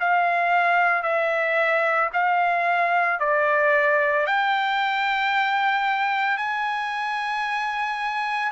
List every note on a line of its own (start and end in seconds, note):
0.00 1.03 F5
1.03 2.10 E5
2.13 3.19 F5
3.19 4.27 D5
4.27 6.37 G5
6.37 8.52 G#5